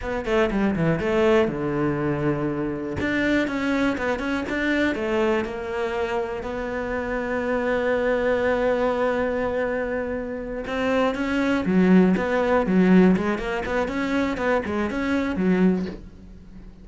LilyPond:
\new Staff \with { instrumentName = "cello" } { \time 4/4 \tempo 4 = 121 b8 a8 g8 e8 a4 d4~ | d2 d'4 cis'4 | b8 cis'8 d'4 a4 ais4~ | ais4 b2.~ |
b1~ | b4. c'4 cis'4 fis8~ | fis8 b4 fis4 gis8 ais8 b8 | cis'4 b8 gis8 cis'4 fis4 | }